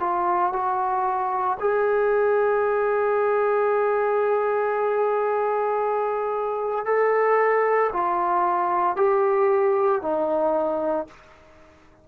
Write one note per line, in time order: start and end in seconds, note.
0.00 0.53 F4
0.53 1.58 F#4
1.60 6.85 G#4
6.85 7.90 A4
7.92 8.96 F4
8.96 10.01 G4
10.02 11.07 D#4